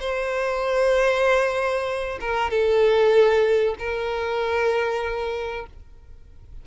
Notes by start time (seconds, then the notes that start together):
0.00 C5
2.20 A#4
2.50 A4
3.79 A#4